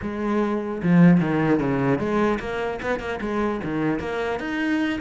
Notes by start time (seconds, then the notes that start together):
0.02 G#3
0.82 F3
1.20 D#3
1.59 C#3
1.98 G#3
2.39 A#3
2.81 B3
2.99 A#3
3.20 G#3
3.63 D#3
3.99 A#3
4.39 D#4